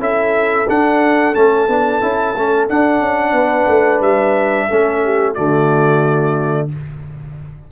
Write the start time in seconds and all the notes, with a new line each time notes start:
0.00 C#4 E4 A4 E5
0.68 D4 F#5
1.35 A3 C#4 A5
1.68 B3 D4
2.01 C#4 E4
2.35 A3 C#4
2.69 D4 F#5
3.00 C#4
3.33 B3 B4
3.69 A3
4.01 G3 E5
4.69 A3 C#4 A4
5.04 G4
5.34 D3 A3 F#4 D5